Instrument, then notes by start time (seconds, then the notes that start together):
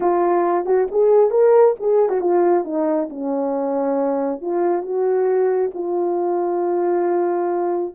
horn
0.00 F4
0.65 F#4
0.91 G#4
1.30 A#4
1.79 G#4
2.09 F#4
2.20 F4
2.64 D#4
3.09 C#4
4.41 F4
4.82 F#4
5.74 F4